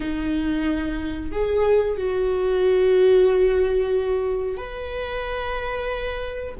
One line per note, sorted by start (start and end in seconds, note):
0.00 1.31 D#4
1.31 1.97 G#4
1.97 4.57 F#4
4.57 6.55 B4